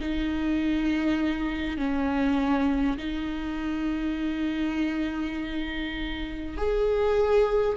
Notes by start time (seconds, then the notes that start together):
0.00 D#4
1.77 C#4
2.97 D#4
6.57 G#4